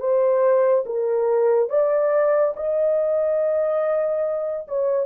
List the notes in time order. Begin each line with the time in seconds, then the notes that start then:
0.00 C5
0.86 A#4
1.70 D5
2.57 D#5
4.68 C#5